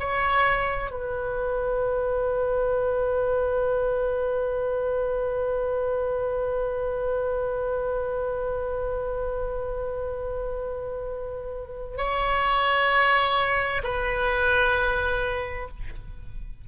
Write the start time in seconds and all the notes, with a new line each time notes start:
0.00 C#5
0.91 B4
11.97 C#5
13.84 B4